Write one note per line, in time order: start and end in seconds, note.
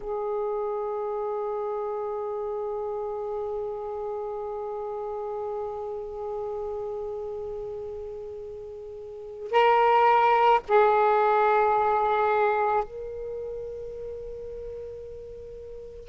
0.00 9.51 G#4
9.51 10.60 A#4
10.68 12.83 G#4
12.83 16.08 A#4